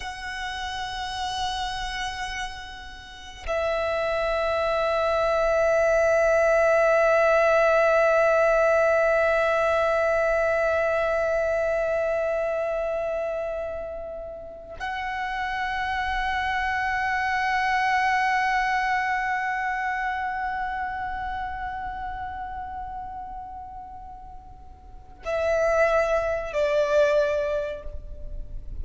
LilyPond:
\new Staff \with { instrumentName = "violin" } { \time 4/4 \tempo 4 = 69 fis''1 | e''1~ | e''1~ | e''1~ |
e''4 fis''2.~ | fis''1~ | fis''1~ | fis''4 e''4. d''4. | }